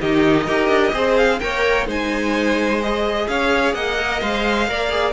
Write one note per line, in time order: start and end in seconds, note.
0.00 0.47 D#3
0.00 0.48 D#4
0.00 0.45 G4
0.00 1.17 D#5
0.45 0.69 D#4
0.45 0.92 G4
0.45 0.92 A#4
0.69 0.92 D4
0.92 1.40 C4
0.92 1.39 G#4
0.92 1.39 C5
1.17 1.39 F5
1.39 1.86 A#3
1.39 1.86 A#4
1.39 1.87 C#5
1.39 1.86 G5
1.86 3.27 G#3
1.86 2.80 D#4
1.86 3.28 C5
1.86 2.82 G#5
2.82 3.98 G#4
2.82 3.28 D#5
3.28 3.74 C#4
3.28 3.75 C#5
3.28 3.74 F5
3.74 4.21 A#3
3.74 4.68 D#5
3.74 4.21 F#5
3.98 4.22 A#4
4.21 4.68 G#3
4.21 4.68 C5
4.21 5.13 F5
4.68 5.13 A#3
4.68 4.90 A#4
4.68 5.13 D5
4.90 5.13 G#4